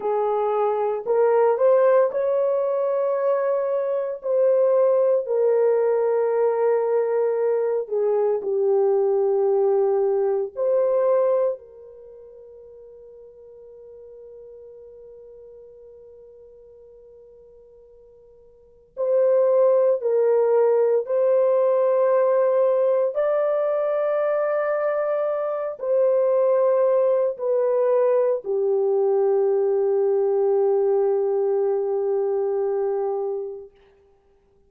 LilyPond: \new Staff \with { instrumentName = "horn" } { \time 4/4 \tempo 4 = 57 gis'4 ais'8 c''8 cis''2 | c''4 ais'2~ ais'8 gis'8 | g'2 c''4 ais'4~ | ais'1~ |
ais'2 c''4 ais'4 | c''2 d''2~ | d''8 c''4. b'4 g'4~ | g'1 | }